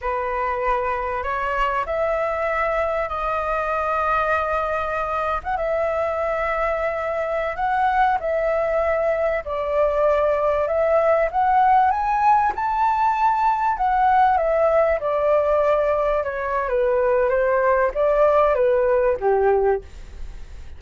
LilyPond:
\new Staff \with { instrumentName = "flute" } { \time 4/4 \tempo 4 = 97 b'2 cis''4 e''4~ | e''4 dis''2.~ | dis''8. fis''16 e''2.~ | e''16 fis''4 e''2 d''8.~ |
d''4~ d''16 e''4 fis''4 gis''8.~ | gis''16 a''2 fis''4 e''8.~ | e''16 d''2 cis''8. b'4 | c''4 d''4 b'4 g'4 | }